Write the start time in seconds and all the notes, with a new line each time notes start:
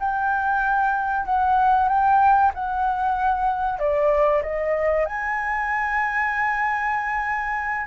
0.00 G5
1.26 F#5
1.89 G5
2.55 F#5
3.80 D5
4.43 D#5
5.06 G#5